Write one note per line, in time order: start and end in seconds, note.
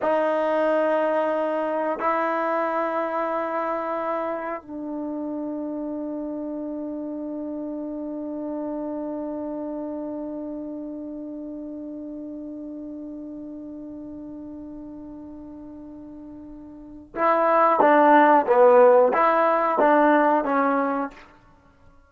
0.02 1.99 D#4
1.99 4.62 E4
4.62 17.14 D4
17.15 17.80 E4
17.80 18.46 D4
18.46 19.12 B3
19.13 19.79 E4
19.79 20.44 D4
20.44 21.10 C#4